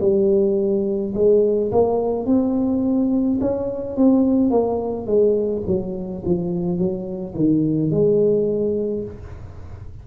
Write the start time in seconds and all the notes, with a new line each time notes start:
0.00 G3
1.14 G#3
1.71 A#3
2.25 C4
3.41 C#4
3.96 C4
4.50 A#3
5.06 G#3
5.67 F#3
6.25 F3
6.78 F#3
7.35 D#3
7.90 G#3